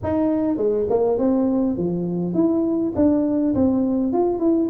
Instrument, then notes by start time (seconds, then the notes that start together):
tuba
0.03 D#4
0.57 G#3
0.89 A#3
1.18 C4
1.77 F3
2.33 E4
2.95 D4
3.55 C4
4.12 F4
4.39 E4